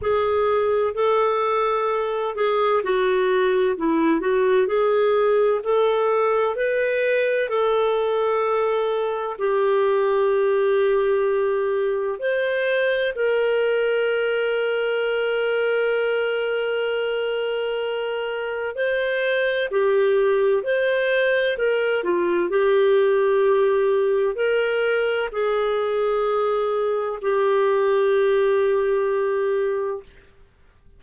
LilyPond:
\new Staff \with { instrumentName = "clarinet" } { \time 4/4 \tempo 4 = 64 gis'4 a'4. gis'8 fis'4 | e'8 fis'8 gis'4 a'4 b'4 | a'2 g'2~ | g'4 c''4 ais'2~ |
ais'1 | c''4 g'4 c''4 ais'8 f'8 | g'2 ais'4 gis'4~ | gis'4 g'2. | }